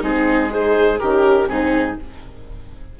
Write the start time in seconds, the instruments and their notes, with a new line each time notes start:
0.00 bassoon G#3, horn C4, viola D#4, oboe G#4
0.49 horn D#4, viola G#4, oboe C5
0.99 bassoon D#3, horn C#4, viola G4, oboe A#4
1.46 bassoon G#2, horn C4, viola D#4, oboe G#4